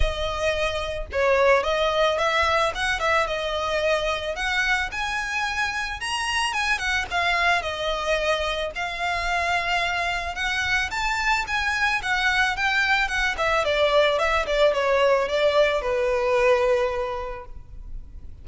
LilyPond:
\new Staff \with { instrumentName = "violin" } { \time 4/4 \tempo 4 = 110 dis''2 cis''4 dis''4 | e''4 fis''8 e''8 dis''2 | fis''4 gis''2 ais''4 | gis''8 fis''8 f''4 dis''2 |
f''2. fis''4 | a''4 gis''4 fis''4 g''4 | fis''8 e''8 d''4 e''8 d''8 cis''4 | d''4 b'2. | }